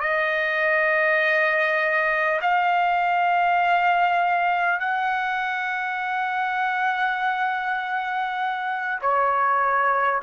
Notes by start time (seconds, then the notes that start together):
0.00 D#5
2.41 F5
4.79 F#5
9.01 C#5